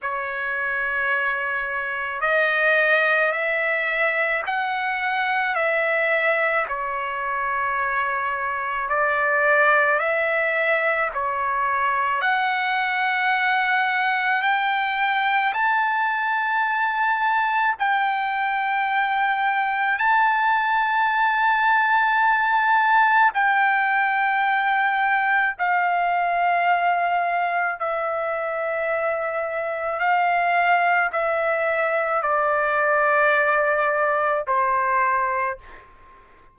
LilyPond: \new Staff \with { instrumentName = "trumpet" } { \time 4/4 \tempo 4 = 54 cis''2 dis''4 e''4 | fis''4 e''4 cis''2 | d''4 e''4 cis''4 fis''4~ | fis''4 g''4 a''2 |
g''2 a''2~ | a''4 g''2 f''4~ | f''4 e''2 f''4 | e''4 d''2 c''4 | }